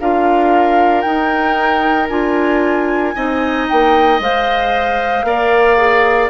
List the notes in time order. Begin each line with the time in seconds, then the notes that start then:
0.00 D4 F4 A#4 F5
1.01 D#4 G5
2.09 D4 F4 G#5
3.14 C4 D#4 D#5
3.68 A#3 G5
4.20 G#3 C5 F5
5.23 A#3 A#4 D5
5.77 G#4